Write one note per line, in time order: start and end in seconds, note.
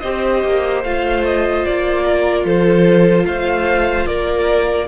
0.00 0.44 C4
0.00 0.85 G4
0.00 2.04 C5
0.00 0.81 D#5
0.44 0.84 A#3
0.84 1.65 A3
0.84 4.89 F4
0.84 1.24 F5
1.26 1.65 D#5
1.65 2.45 A#3
1.65 2.46 D5
2.05 2.45 A#4
2.45 3.26 F3
2.45 3.26 A4
2.45 3.26 C5
3.26 4.07 A3
3.26 4.08 C5
3.26 4.07 F5
4.07 4.88 A#3
4.07 4.89 A#4
4.07 4.88 D5